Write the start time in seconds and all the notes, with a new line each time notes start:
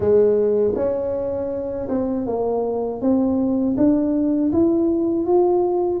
0.00 G#3
0.75 C#4
1.89 C4
2.26 A#3
3.01 C4
3.77 D4
4.52 E4
5.26 F4